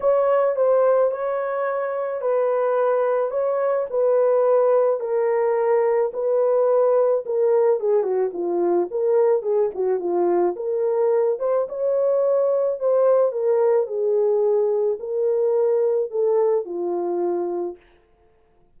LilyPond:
\new Staff \with { instrumentName = "horn" } { \time 4/4 \tempo 4 = 108 cis''4 c''4 cis''2 | b'2 cis''4 b'4~ | b'4 ais'2 b'4~ | b'4 ais'4 gis'8 fis'8 f'4 |
ais'4 gis'8 fis'8 f'4 ais'4~ | ais'8 c''8 cis''2 c''4 | ais'4 gis'2 ais'4~ | ais'4 a'4 f'2 | }